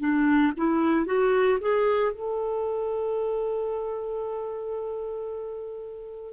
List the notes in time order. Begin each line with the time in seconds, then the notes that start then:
0.00 D4
0.57 E4
1.06 F#4
1.61 G#4
2.12 A4